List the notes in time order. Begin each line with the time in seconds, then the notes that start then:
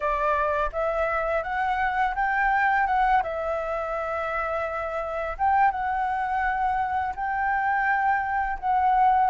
0.00 D5
0.72 E5
1.43 F#5
2.15 G5
2.86 F#5
3.22 E5
5.37 G5
5.71 F#5
7.15 G5
8.59 F#5